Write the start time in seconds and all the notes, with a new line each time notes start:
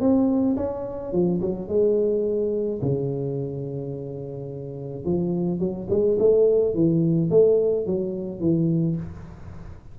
0.00 C4
0.57 C#4
1.12 F3
1.41 F#3
1.68 G#3
2.82 C#3
5.05 F3
5.59 F#3
5.90 G#3
6.19 A3
6.74 E3
7.30 A3
7.86 F#3
8.40 E3